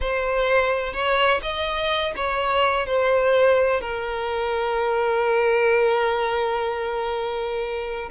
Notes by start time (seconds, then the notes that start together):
0.00 C5
0.93 C#5
1.42 D#5
2.16 C#5
2.86 C5
3.81 A#4